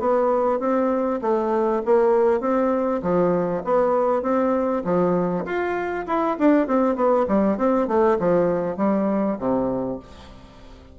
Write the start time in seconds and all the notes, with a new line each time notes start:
0.00 B3
0.60 C4
1.22 A3
1.86 A#3
2.41 C4
3.03 F3
3.65 B3
4.23 C4
4.85 F3
5.46 F4
6.07 E4
6.39 D4
6.68 C4
6.96 B3
7.28 G3
7.58 C4
7.88 A3
8.20 F3
8.77 G3
9.39 C3